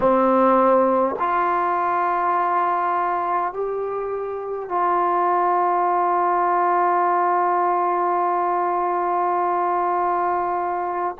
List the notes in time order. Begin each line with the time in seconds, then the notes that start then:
0.00 C4
1.19 F4
3.53 G4
4.68 F4